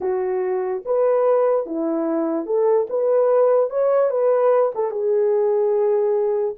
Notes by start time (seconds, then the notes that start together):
0.01 F#4
0.85 B4
1.66 E4
2.46 A4
2.89 B4
3.69 C#5
4.10 B4
4.74 A4
4.90 G#4